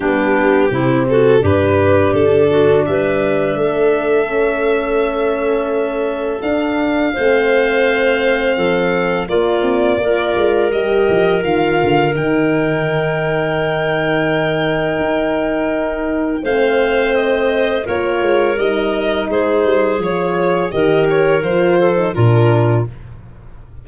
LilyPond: <<
  \new Staff \with { instrumentName = "violin" } { \time 4/4 \tempo 4 = 84 g'4. a'8 b'4 a'4 | e''1~ | e''4 f''2.~ | f''4 d''2 dis''4 |
f''4 g''2.~ | g''2. f''4 | dis''4 cis''4 dis''4 c''4 | cis''4 dis''8 cis''8 c''4 ais'4 | }
  \new Staff \with { instrumentName = "clarinet" } { \time 4/4 d'4 e'8 fis'8 g'4. fis'8 | b'4 a'2.~ | a'2 c''2 | a'4 f'4 ais'2~ |
ais'1~ | ais'2. c''4~ | c''4 ais'2 gis'4~ | gis'4 ais'4. a'8 f'4 | }
  \new Staff \with { instrumentName = "horn" } { \time 4/4 b4 c'4 d'2~ | d'2 cis'2~ | cis'4 d'4 c'2~ | c'4 ais4 f'4 g'4 |
f'4 dis'2.~ | dis'2. c'4~ | c'4 f'4 dis'2 | f'4 g'4 f'8. dis'16 d'4 | }
  \new Staff \with { instrumentName = "tuba" } { \time 4/4 g4 c4 g,4 d4 | g4 a2.~ | a4 d'4 a2 | f4 ais8 c'8 ais8 gis8 g8 f8 |
dis8 d8 dis2.~ | dis4 dis'2 a4~ | a4 ais8 gis8 g4 gis8 g8 | f4 dis4 f4 ais,4 | }
>>